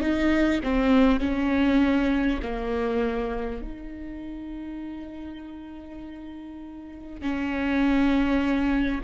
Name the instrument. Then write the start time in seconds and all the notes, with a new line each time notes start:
viola
0.00 D#4
0.63 C4
1.19 C#4
2.42 A#3
3.61 D#4
7.22 C#4